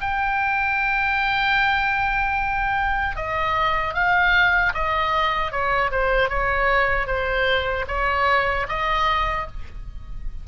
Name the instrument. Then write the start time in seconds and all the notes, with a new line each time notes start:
oboe
0.00 G5
3.15 D#5
3.94 F5
4.73 D#5
5.51 C#5
5.91 C5
6.29 C#5
7.06 C5
7.87 C#5
8.68 D#5